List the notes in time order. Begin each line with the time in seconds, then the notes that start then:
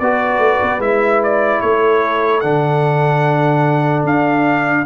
0.00 B3 F#4 B4 D5
0.39 A3
0.62 B3
0.79 G#3 E4 E5
1.23 D5
1.61 A3 A4 C#5
2.41 D3 D4 F#5
4.04 D4 F5